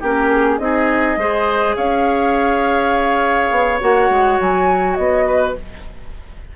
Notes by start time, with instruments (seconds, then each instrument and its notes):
0.00 bassoon A#3, clarinet C#4, oboe G4, flute A#4
0.30 flute G#4
0.58 bassoon C4, clarinet D#4, oboe G#4, flute D#5
1.17 bassoon G#3, clarinet G#4, oboe C5
1.76 bassoon C#4, oboe C#5, flute F5
3.50 bassoon B3
3.80 bassoon A#3, clarinet F#4, flute F#5
4.09 bassoon G#3
4.40 bassoon F#3, flute G#5
4.94 bassoon B3, flute D#5
5.26 oboe B4